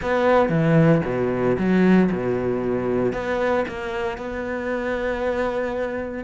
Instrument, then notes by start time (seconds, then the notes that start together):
cello
0.01 B3
0.49 E3
1.05 B2
1.58 F#3
2.12 B2
3.13 B3
3.68 A#3
4.17 B3